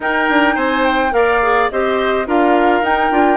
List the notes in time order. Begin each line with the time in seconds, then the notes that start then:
0.00 D#4 A#4 G5
0.28 D4
0.55 C4 C5 G#5
0.85 G5
1.11 A#3 A#4 D5 F5
1.42 G#4
1.70 C4 G4 C5 D#5
2.26 D4 F4 A#4 F5
2.81 D#4 G5
3.11 D4 F4